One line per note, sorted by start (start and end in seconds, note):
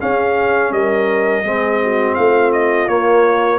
0.00 1.45 C#4
0.00 0.71 C#4
0.00 0.73 G#4
0.00 0.73 F5
0.71 1.44 G3
0.71 1.45 A#4
0.71 2.15 D#5
1.44 2.16 G#3
1.44 2.89 C4
1.44 1.81 G#4
1.84 2.16 F#4
2.15 2.88 A3
2.15 3.59 F4
2.15 2.51 F5
2.53 2.89 D#5
2.88 3.59 A#3
2.88 3.59 C#5